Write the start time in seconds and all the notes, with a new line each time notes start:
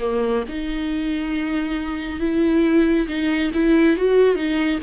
0.00 A#3
0.48 D#4
2.19 E4
3.08 D#4
3.54 E4
3.96 F#4
4.35 D#4